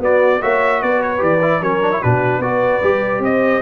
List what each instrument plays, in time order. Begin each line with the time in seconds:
0.00 tuba B3, trombone B3, horn F#4, trumpet D5
0.41 tuba A#3, trombone F#4, horn C#5, trumpet E5
0.82 tuba B3, horn B4, trumpet D5
1.03 trumpet C#5
1.18 tuba E3, trombone G4, trumpet D5
1.42 trombone E4
1.61 tuba F#3, trombone C#4, horn A#4, trumpet C#5
1.82 trombone D4
1.92 trombone E4
2.01 tuba B2, trombone D4, horn F#4, trumpet B4
2.39 tuba B3, trombone F#4, horn B4, trumpet D5
2.83 tuba G3, trombone G4
3.20 tuba C4, horn C5, trumpet D#5